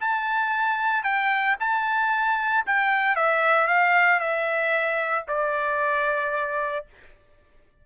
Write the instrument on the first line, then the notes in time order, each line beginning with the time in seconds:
trumpet
0.00 A5
1.03 G5
1.60 A5
2.66 G5
3.16 E5
3.67 F5
4.19 E5
5.28 D5